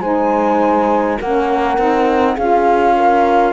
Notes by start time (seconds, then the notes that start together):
0.00 G#3 D#4 C5 G#5
1.19 A#3 C#4 A#4 F#5
1.78 C4 D#4
2.34 C#4 F4 G#4 F5
2.96 A#4